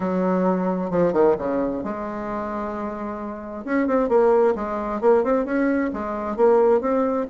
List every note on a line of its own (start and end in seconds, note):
0.00 0.90 F#3
0.90 1.13 F3
1.13 1.35 D#3
1.38 1.83 C#3
1.83 3.65 G#3
3.65 3.87 C#4
3.87 4.08 C4
4.08 4.54 A#3
4.55 5.00 G#3
5.00 5.23 A#3
5.23 5.45 C4
5.45 5.90 C#4
5.93 6.36 G#3
6.36 6.81 A#3
6.81 7.26 C4